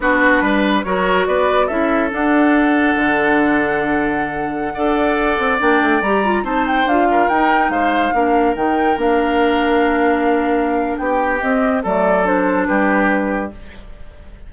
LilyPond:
<<
  \new Staff \with { instrumentName = "flute" } { \time 4/4 \tempo 4 = 142 b'2 cis''4 d''4 | e''4 fis''2.~ | fis''1~ | fis''4~ fis''16 g''4 ais''4 a''8 g''16~ |
g''16 f''4 g''4 f''4.~ f''16~ | f''16 g''4 f''2~ f''8.~ | f''2 g''4 dis''4 | d''4 c''4 b'2 | }
  \new Staff \with { instrumentName = "oboe" } { \time 4/4 fis'4 b'4 ais'4 b'4 | a'1~ | a'2.~ a'16 d''8.~ | d''2.~ d''16 c''8.~ |
c''8. ais'4. c''4 ais'8.~ | ais'1~ | ais'2 g'2 | a'2 g'2 | }
  \new Staff \with { instrumentName = "clarinet" } { \time 4/4 d'2 fis'2 | e'4 d'2.~ | d'2.~ d'16 a'8.~ | a'4~ a'16 d'4 g'8 f'8 dis'8.~ |
dis'16 f'4 dis'2 d'8.~ | d'16 dis'4 d'2~ d'8.~ | d'2. c'4 | a4 d'2. | }
  \new Staff \with { instrumentName = "bassoon" } { \time 4/4 b4 g4 fis4 b4 | cis'4 d'2 d4~ | d2.~ d16 d'8.~ | d'8. c'8 ais8 a8 g4 c'8.~ |
c'16 d'4 dis'4 gis4 ais8.~ | ais16 dis4 ais2~ ais8.~ | ais2 b4 c'4 | fis2 g2 | }
>>